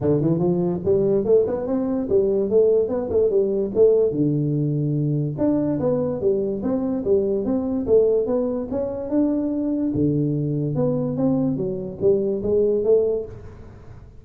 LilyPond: \new Staff \with { instrumentName = "tuba" } { \time 4/4 \tempo 4 = 145 d8 e8 f4 g4 a8 b8 | c'4 g4 a4 b8 a8 | g4 a4 d2~ | d4 d'4 b4 g4 |
c'4 g4 c'4 a4 | b4 cis'4 d'2 | d2 b4 c'4 | fis4 g4 gis4 a4 | }